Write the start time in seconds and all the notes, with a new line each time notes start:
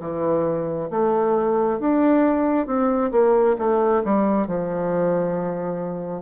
0.00 E3
0.90 A3
1.80 D4
2.67 C4
3.11 A#3
3.59 A3
4.04 G3
4.47 F3